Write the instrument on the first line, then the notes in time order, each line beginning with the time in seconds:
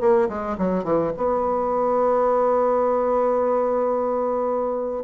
bassoon
0.00 A#3
0.29 G#3
0.58 F#3
0.84 E3
1.16 B3